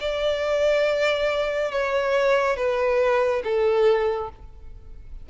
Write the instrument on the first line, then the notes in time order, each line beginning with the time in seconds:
violin
0.00 D5
1.71 C#5
2.56 B4
3.44 A4